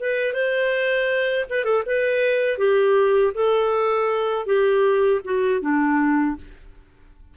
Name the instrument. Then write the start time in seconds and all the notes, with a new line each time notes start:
clarinet
0.00 B4
0.33 C5
1.49 B4
1.64 A4
1.86 B4
2.58 G4
3.34 A4
4.46 G4
5.24 F#4
5.61 D4